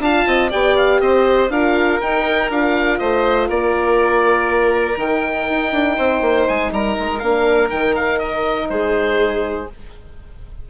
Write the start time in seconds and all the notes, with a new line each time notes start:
0.00 D4 F4 F5 A5
0.27 C4 D#5
0.50 B3 G4 D5 G5
0.77 F5
1.01 C4 C5 D#5
1.50 D4 F4 A#4 F5
2.01 D#4 G5
2.50 D4 F4 F5
2.99 A3 C5 D#5
3.48 A#3 A#4 D5
4.97 D#3 D#4 G5
5.50 D#4
5.72 D4
5.96 C4 C5
6.21 A#3
6.48 G#3 G#5
6.72 G3 A#4 A#5
6.99 G#3
7.19 A#3 D4 F5
7.70 D#3 D#4 G5
7.95 F5
8.19 D#5
8.70 G#3 G#4 C5